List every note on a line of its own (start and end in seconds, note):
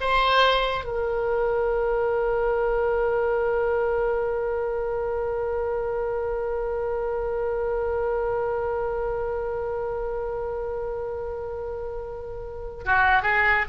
0.00 0.84 C5
0.84 12.84 A#4
12.85 13.22 F#4
13.22 13.65 G#4